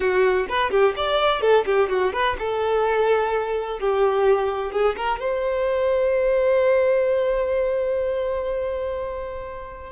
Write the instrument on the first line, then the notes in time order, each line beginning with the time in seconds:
violin
0.00 F#4
0.49 B4
0.70 G4
0.96 D5
1.41 A4
1.65 G4
1.89 F#4
2.13 B4
2.38 A4
3.79 G4
4.72 G#4
4.96 A#4
5.20 C5